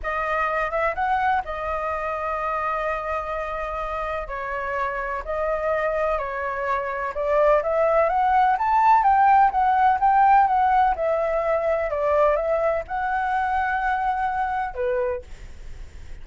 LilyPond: \new Staff \with { instrumentName = "flute" } { \time 4/4 \tempo 4 = 126 dis''4. e''8 fis''4 dis''4~ | dis''1~ | dis''4 cis''2 dis''4~ | dis''4 cis''2 d''4 |
e''4 fis''4 a''4 g''4 | fis''4 g''4 fis''4 e''4~ | e''4 d''4 e''4 fis''4~ | fis''2. b'4 | }